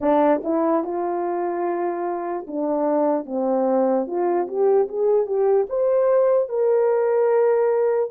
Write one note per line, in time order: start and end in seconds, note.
0.00 0.41 D4
0.43 0.84 E4
0.84 2.46 F4
2.47 3.25 D4
3.25 4.06 C4
4.06 4.47 F4
4.47 4.88 G4
4.88 5.26 G#4
5.26 5.66 G4
5.69 6.49 C5
6.49 8.10 A#4